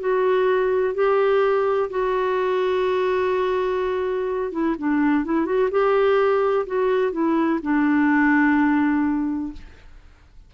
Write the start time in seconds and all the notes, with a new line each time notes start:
0.00 F#4
0.94 G4
1.90 F#4
4.52 E4
4.78 D4
5.25 E4
5.45 F#4
5.71 G4
6.66 F#4
7.12 E4
7.62 D4